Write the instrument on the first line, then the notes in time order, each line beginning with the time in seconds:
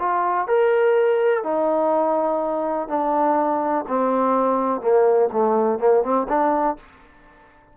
trombone
0.00 F4
0.48 A#4
1.44 D#4
2.89 D4
3.88 C4
4.81 A#3
5.33 A3
5.80 A#3
6.03 C4
6.29 D4